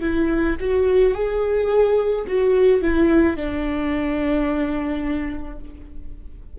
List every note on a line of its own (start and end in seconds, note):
0.00 0.56 E4
0.60 1.14 F#4
1.14 2.25 G#4
2.27 2.82 F#4
2.82 3.36 E4
3.36 5.58 D4